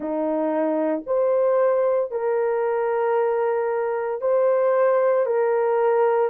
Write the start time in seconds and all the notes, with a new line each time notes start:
0.00 D#4
1.06 C5
2.11 A#4
4.21 C5
5.25 A#4